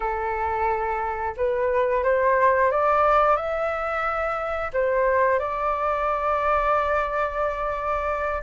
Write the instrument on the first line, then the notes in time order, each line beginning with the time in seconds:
flute
0.00 A4
1.36 B4
2.03 C5
2.71 D5
3.36 E5
4.73 C5
5.39 D5